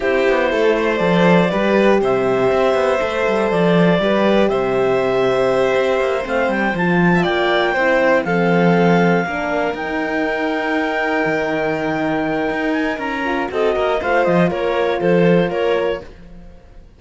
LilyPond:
<<
  \new Staff \with { instrumentName = "clarinet" } { \time 4/4 \tempo 4 = 120 c''2 d''2 | e''2. d''4~ | d''4 e''2.~ | e''8 f''8 g''8 a''4 g''4.~ |
g''8 f''2. g''8~ | g''1~ | g''4. gis''8 ais''4 dis''4 | f''8 dis''8 cis''4 c''4 cis''4 | }
  \new Staff \with { instrumentName = "violin" } { \time 4/4 g'4 a'8 c''4. b'4 | c''1 | b'4 c''2.~ | c''2~ c''16 e''16 d''4 c''8~ |
c''8 a'2 ais'4.~ | ais'1~ | ais'2. a'8 ais'8 | c''4 ais'4 a'4 ais'4 | }
  \new Staff \with { instrumentName = "horn" } { \time 4/4 e'2 a'4 g'4~ | g'2 a'2 | g'1~ | g'8 c'4 f'2 e'8~ |
e'8 c'2 d'4 dis'8~ | dis'1~ | dis'2~ dis'8 f'8 fis'4 | f'1 | }
  \new Staff \with { instrumentName = "cello" } { \time 4/4 c'8 b8 a4 f4 g4 | c4 c'8 b8 a8 g8 f4 | g4 c2~ c8 c'8 | ais8 a8 g8 f4 ais4 c'8~ |
c'8 f2 ais4 dis'8~ | dis'2~ dis'8 dis4.~ | dis4 dis'4 cis'4 c'8 ais8 | a8 f8 ais4 f4 ais4 | }
>>